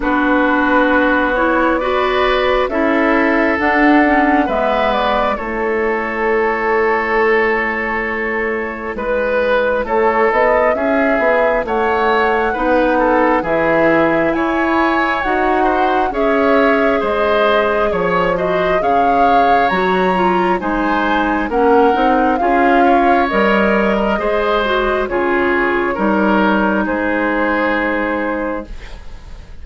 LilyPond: <<
  \new Staff \with { instrumentName = "flute" } { \time 4/4 \tempo 4 = 67 b'4. cis''8 d''4 e''4 | fis''4 e''8 d''8 cis''2~ | cis''2 b'4 cis''8 dis''8 | e''4 fis''2 e''4 |
gis''4 fis''4 e''4 dis''4 | cis''8 dis''8 f''4 ais''4 gis''4 | fis''4 f''4 dis''2 | cis''2 c''2 | }
  \new Staff \with { instrumentName = "oboe" } { \time 4/4 fis'2 b'4 a'4~ | a'4 b'4 a'2~ | a'2 b'4 a'4 | gis'4 cis''4 b'8 a'8 gis'4 |
cis''4. c''8 cis''4 c''4 | cis''8 c''8 cis''2 c''4 | ais'4 gis'8 cis''4~ cis''16 ais'16 c''4 | gis'4 ais'4 gis'2 | }
  \new Staff \with { instrumentName = "clarinet" } { \time 4/4 d'4. e'8 fis'4 e'4 | d'8 cis'8 b4 e'2~ | e'1~ | e'2 dis'4 e'4~ |
e'4 fis'4 gis'2~ | gis'8 fis'8 gis'4 fis'8 f'8 dis'4 | cis'8 dis'8 f'4 ais'4 gis'8 fis'8 | f'4 dis'2. | }
  \new Staff \with { instrumentName = "bassoon" } { \time 4/4 b2. cis'4 | d'4 gis4 a2~ | a2 gis4 a8 b8 | cis'8 b8 a4 b4 e4 |
e'4 dis'4 cis'4 gis4 | f4 cis4 fis4 gis4 | ais8 c'8 cis'4 g4 gis4 | cis4 g4 gis2 | }
>>